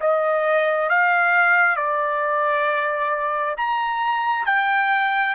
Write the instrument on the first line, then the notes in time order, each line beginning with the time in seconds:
trumpet
0.00 D#5
0.89 F5
1.76 D5
3.57 A#5
4.46 G5